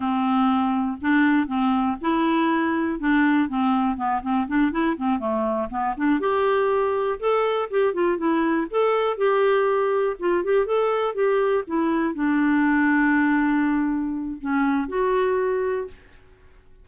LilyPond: \new Staff \with { instrumentName = "clarinet" } { \time 4/4 \tempo 4 = 121 c'2 d'4 c'4 | e'2 d'4 c'4 | b8 c'8 d'8 e'8 c'8 a4 b8 | d'8 g'2 a'4 g'8 |
f'8 e'4 a'4 g'4.~ | g'8 f'8 g'8 a'4 g'4 e'8~ | e'8 d'2.~ d'8~ | d'4 cis'4 fis'2 | }